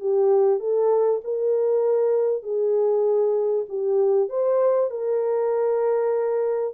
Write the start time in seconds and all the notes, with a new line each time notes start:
0.00 G4
0.59 A4
1.24 A#4
2.42 G#4
3.68 G4
4.29 C5
4.90 A#4